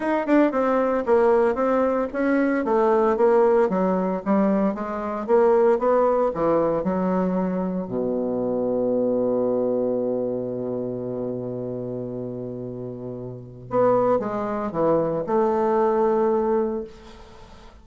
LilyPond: \new Staff \with { instrumentName = "bassoon" } { \time 4/4 \tempo 4 = 114 dis'8 d'8 c'4 ais4 c'4 | cis'4 a4 ais4 fis4 | g4 gis4 ais4 b4 | e4 fis2 b,4~ |
b,1~ | b,1~ | b,2 b4 gis4 | e4 a2. | }